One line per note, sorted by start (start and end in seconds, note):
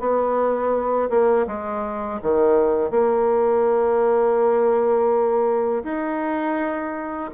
0.00 1.10 B3
1.10 1.46 A#3
1.47 2.20 G#3
2.23 2.91 D#3
2.91 5.83 A#3
5.84 7.30 D#4